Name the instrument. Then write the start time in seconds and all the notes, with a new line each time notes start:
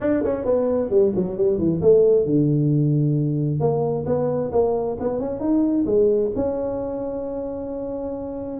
tuba
0.01 D4
0.23 C#4
0.44 B3
0.89 G3
1.15 F#3
1.37 G3
1.58 E3
1.81 A3
2.25 D3
3.60 A#3
4.06 B3
4.52 A#3
5.00 B3
5.19 C#4
5.40 D#4
5.86 G#3
6.35 C#4